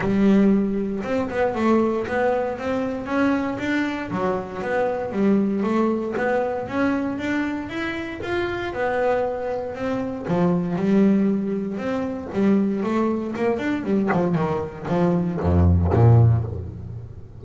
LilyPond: \new Staff \with { instrumentName = "double bass" } { \time 4/4 \tempo 4 = 117 g2 c'8 b8 a4 | b4 c'4 cis'4 d'4 | fis4 b4 g4 a4 | b4 cis'4 d'4 e'4 |
f'4 b2 c'4 | f4 g2 c'4 | g4 a4 ais8 d'8 g8 f8 | dis4 f4 f,4 ais,4 | }